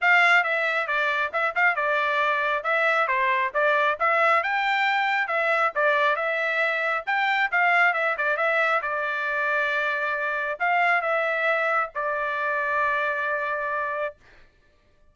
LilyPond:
\new Staff \with { instrumentName = "trumpet" } { \time 4/4 \tempo 4 = 136 f''4 e''4 d''4 e''8 f''8 | d''2 e''4 c''4 | d''4 e''4 g''2 | e''4 d''4 e''2 |
g''4 f''4 e''8 d''8 e''4 | d''1 | f''4 e''2 d''4~ | d''1 | }